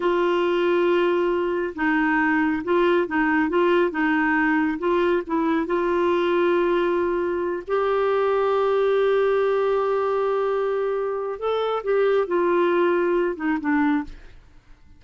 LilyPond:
\new Staff \with { instrumentName = "clarinet" } { \time 4/4 \tempo 4 = 137 f'1 | dis'2 f'4 dis'4 | f'4 dis'2 f'4 | e'4 f'2.~ |
f'4. g'2~ g'8~ | g'1~ | g'2 a'4 g'4 | f'2~ f'8 dis'8 d'4 | }